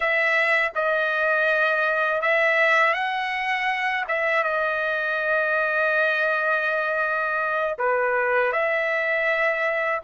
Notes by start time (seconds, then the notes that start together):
0.00 E5
0.75 D#5
2.21 E5
2.93 F#5
4.07 E5
4.43 D#5
7.78 B4
8.52 E5